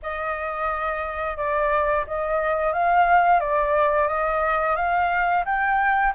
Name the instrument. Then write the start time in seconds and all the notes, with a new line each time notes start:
flute
0.02 D#5
1.36 D5
2.06 D#5
2.73 F5
3.40 D5
4.08 D#5
4.76 F5
5.45 G5